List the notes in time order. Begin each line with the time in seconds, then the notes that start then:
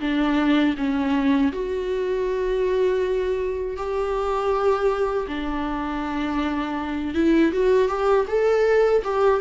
0.00 D4
0.77 C#4
1.52 F#4
3.76 G4
5.27 D4
7.14 E4
7.52 F#4
7.88 G4
8.27 A4
9.03 G4